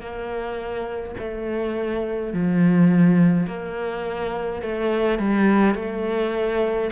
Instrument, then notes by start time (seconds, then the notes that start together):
cello
0.00 A#3
1.19 A3
2.33 F3
3.47 A#3
4.62 A3
5.19 G3
5.75 A3